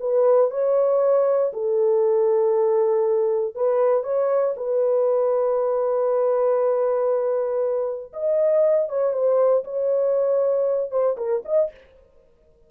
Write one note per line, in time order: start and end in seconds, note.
0.00 0.51 B4
0.51 1.52 C#5
1.53 3.55 A4
3.55 4.04 B4
4.04 4.54 C#5
4.57 8.13 B4
8.13 8.89 D#5
8.89 9.13 C#5
9.13 9.64 C5
9.64 10.91 C#5
10.91 11.16 C5
11.17 11.43 A#4
11.45 11.71 D#5